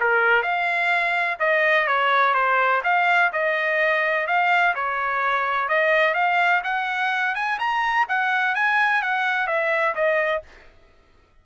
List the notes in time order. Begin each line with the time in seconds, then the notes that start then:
0.00 A#4
0.43 F5
1.39 D#5
1.87 C#5
2.34 C5
2.84 F5
3.32 D#5
4.27 F5
4.75 C#5
5.69 D#5
6.14 F5
6.64 F#5
7.35 G#5
7.59 A#5
8.08 F#5
8.55 G#5
9.02 F#5
9.47 E5
9.95 D#5